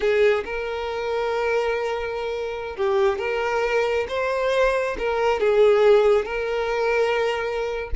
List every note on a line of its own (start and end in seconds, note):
0.00 0.44 G#4
0.45 2.76 A#4
2.76 3.18 G4
3.18 4.06 A#4
4.08 4.96 C5
4.98 5.40 A#4
5.40 6.25 G#4
6.25 7.90 A#4